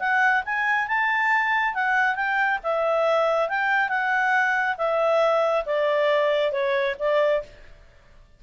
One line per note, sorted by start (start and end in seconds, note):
0.00 0.43 F#5
0.45 0.88 G#5
0.88 1.75 A5
1.75 2.16 F#5
2.16 2.59 G5
2.64 3.49 E5
3.49 3.89 G5
3.89 4.76 F#5
4.78 5.65 E5
5.66 6.53 D5
6.53 6.96 C#5
7.00 7.43 D5